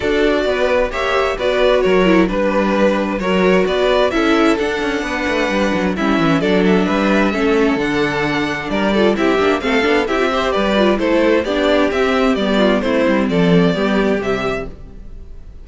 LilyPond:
<<
  \new Staff \with { instrumentName = "violin" } { \time 4/4 \tempo 4 = 131 d''2 e''4 d''4 | cis''4 b'2 cis''4 | d''4 e''4 fis''2~ | fis''4 e''4 d''8 e''4.~ |
e''4 fis''2 d''4 | e''4 f''4 e''4 d''4 | c''4 d''4 e''4 d''4 | c''4 d''2 e''4 | }
  \new Staff \with { instrumentName = "violin" } { \time 4/4 a'4 b'4 cis''4 b'4 | ais'4 b'2 ais'4 | b'4 a'2 b'4~ | b'4 e'4 a'4 b'4 |
a'2. ais'8 a'8 | g'4 a'4 g'8 c''8 b'4 | a'4 g'2~ g'8 f'8 | e'4 a'4 g'2 | }
  \new Staff \with { instrumentName = "viola" } { \time 4/4 fis'2 g'4 fis'4~ | fis'8 e'8 d'2 fis'4~ | fis'4 e'4 d'2~ | d'4 cis'4 d'2 |
cis'4 d'2~ d'8 f'8 | e'8 d'8 c'8 d'8 e'16 f'16 g'4 f'8 | e'4 d'4 c'4 b4 | c'2 b4 g4 | }
  \new Staff \with { instrumentName = "cello" } { \time 4/4 d'4 b4 ais4 b4 | fis4 g2 fis4 | b4 cis'4 d'8 cis'8 b8 a8 | g8 fis8 g8 e8 fis4 g4 |
a4 d2 g4 | c'8 ais8 a8 b8 c'4 g4 | a4 b4 c'4 g4 | a8 g8 f4 g4 c4 | }
>>